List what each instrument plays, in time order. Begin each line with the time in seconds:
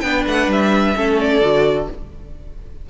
0.00 cello B3, viola D4, violin B4 G5
0.27 cello A3, violin F#5
0.47 cello G3, violin E5
0.95 cello A3, viola C#4, violin A4
1.20 violin D5
1.41 cello D3, viola F#4